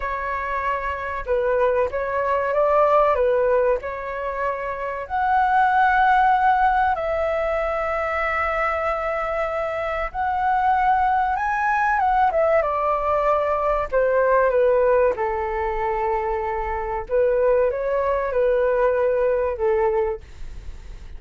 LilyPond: \new Staff \with { instrumentName = "flute" } { \time 4/4 \tempo 4 = 95 cis''2 b'4 cis''4 | d''4 b'4 cis''2 | fis''2. e''4~ | e''1 |
fis''2 gis''4 fis''8 e''8 | d''2 c''4 b'4 | a'2. b'4 | cis''4 b'2 a'4 | }